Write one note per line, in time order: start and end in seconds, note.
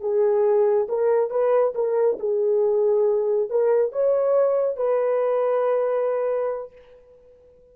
0.00 0.87 G#4
0.88 1.30 A#4
1.30 1.73 B4
1.74 2.18 A#4
2.19 3.49 G#4
3.50 3.92 A#4
3.92 4.76 C#5
4.76 6.72 B4